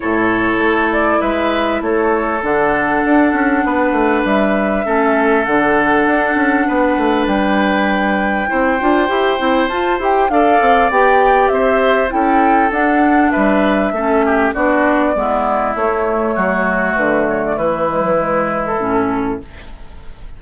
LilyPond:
<<
  \new Staff \with { instrumentName = "flute" } { \time 4/4 \tempo 4 = 99 cis''4. d''8 e''4 cis''4 | fis''2. e''4~ | e''4 fis''2. | g''1 |
a''8 g''8 f''4 g''4 e''4 | g''4 fis''4 e''2 | d''2 cis''2 | b'8 cis''16 d''16 b'4.~ b'16 a'4~ a'16 | }
  \new Staff \with { instrumentName = "oboe" } { \time 4/4 a'2 b'4 a'4~ | a'2 b'2 | a'2. b'4~ | b'2 c''2~ |
c''4 d''2 c''4 | a'2 b'4 a'8 g'8 | fis'4 e'2 fis'4~ | fis'4 e'2. | }
  \new Staff \with { instrumentName = "clarinet" } { \time 4/4 e'1 | d'1 | cis'4 d'2.~ | d'2 e'8 f'8 g'8 e'8 |
f'8 g'8 a'4 g'2 | e'4 d'2 cis'4 | d'4 b4 a2~ | a4. gis16 fis16 gis4 cis'4 | }
  \new Staff \with { instrumentName = "bassoon" } { \time 4/4 a,4 a4 gis4 a4 | d4 d'8 cis'8 b8 a8 g4 | a4 d4 d'8 cis'8 b8 a8 | g2 c'8 d'8 e'8 c'8 |
f'8 e'8 d'8 c'8 b4 c'4 | cis'4 d'4 g4 a4 | b4 gis4 a4 fis4 | d4 e2 a,4 | }
>>